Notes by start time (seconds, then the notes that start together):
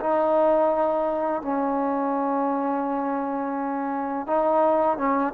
0.00 D#4
1.42 C#4
4.27 D#4
4.97 C#4